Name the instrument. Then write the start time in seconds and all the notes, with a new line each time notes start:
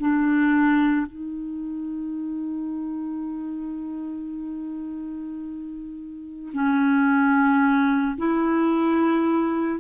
clarinet
0.00 D4
1.07 D#4
6.54 C#4
8.18 E4